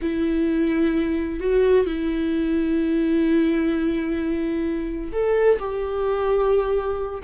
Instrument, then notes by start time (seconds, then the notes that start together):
viola
0.01 E4
1.40 F#4
1.86 E4
5.12 A4
5.59 G4